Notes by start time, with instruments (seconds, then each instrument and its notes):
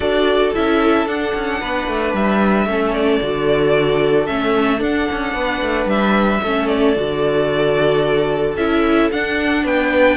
0.00 cello D4, viola F#4, violin A4 D5
0.53 cello C#4, viola E4, violin E5
1.06 cello D4, viola D4, violin F#5
1.35 cello C#4
1.60 cello B3, violin B4
1.87 cello A3
2.13 cello G3, violin E5
2.66 cello A3, viola C#4, violin A4
2.94 violin D5
3.21 cello D3, viola F#4
4.26 cello A3, viola C#4, violin E5
4.77 viola D4, cello D4, violin F#5
5.12 cello C#4
5.33 cello B3, violin B4
5.61 cello A3
5.85 cello G3, violin E5
6.42 cello A3, viola C#4, violin A4
6.67 violin D5
6.95 cello D3, viola F#4
8.56 cello C#4, viola E4, violin E5
9.11 viola D4, cello D4, violin F#5
9.63 cello B3, violin B4 G5